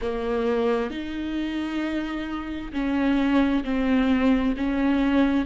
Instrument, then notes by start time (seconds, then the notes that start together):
viola
0.01 A#3
0.90 D#4
2.72 C#4
3.64 C4
4.56 C#4